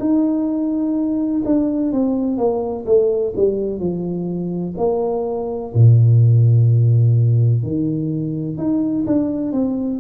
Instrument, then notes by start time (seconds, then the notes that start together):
tuba
0.00 D#4
1.45 D4
1.93 C4
2.38 A#3
2.86 A3
3.36 G3
3.80 F3
4.78 A#3
5.74 A#2
7.64 D#3
8.58 D#4
9.07 D4
9.53 C4